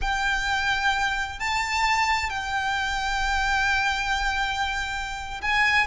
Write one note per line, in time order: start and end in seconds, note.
0.01 1.39 G5
1.39 2.29 A5
2.29 5.41 G5
5.41 5.86 G#5